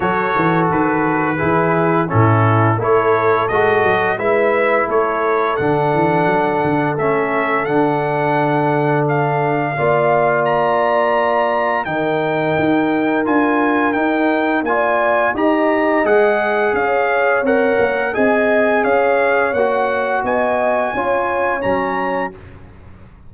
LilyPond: <<
  \new Staff \with { instrumentName = "trumpet" } { \time 4/4 \tempo 4 = 86 cis''4 b'2 a'4 | cis''4 dis''4 e''4 cis''4 | fis''2 e''4 fis''4~ | fis''4 f''2 ais''4~ |
ais''4 g''2 gis''4 | g''4 gis''4 ais''4 fis''4 | f''4 fis''4 gis''4 f''4 | fis''4 gis''2 ais''4 | }
  \new Staff \with { instrumentName = "horn" } { \time 4/4 a'2 gis'4 e'4 | a'2 b'4 a'4~ | a'1~ | a'2 d''2~ |
d''4 ais'2.~ | ais'4 d''4 dis''2 | cis''2 dis''4 cis''4~ | cis''4 dis''4 cis''2 | }
  \new Staff \with { instrumentName = "trombone" } { \time 4/4 fis'2 e'4 cis'4 | e'4 fis'4 e'2 | d'2 cis'4 d'4~ | d'2 f'2~ |
f'4 dis'2 f'4 | dis'4 f'4 g'4 gis'4~ | gis'4 ais'4 gis'2 | fis'2 f'4 cis'4 | }
  \new Staff \with { instrumentName = "tuba" } { \time 4/4 fis8 e8 dis4 e4 a,4 | a4 gis8 fis8 gis4 a4 | d8 e8 fis8 d8 a4 d4~ | d2 ais2~ |
ais4 dis4 dis'4 d'4 | dis'4 ais4 dis'4 gis4 | cis'4 c'8 ais8 c'4 cis'4 | ais4 b4 cis'4 fis4 | }
>>